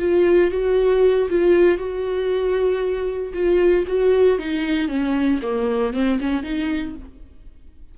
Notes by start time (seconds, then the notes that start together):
0.00 F4
0.51 F#4
1.30 F4
1.78 F#4
3.34 F4
3.88 F#4
4.39 D#4
4.89 C#4
5.43 A#3
5.94 C4
6.21 C#4
6.43 D#4